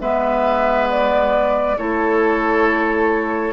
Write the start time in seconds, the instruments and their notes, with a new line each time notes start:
0.00 bassoon G#3, clarinet B3, oboe B4, flute E5
0.91 flute D5
1.78 bassoon A3, clarinet E4, oboe A4, flute C#5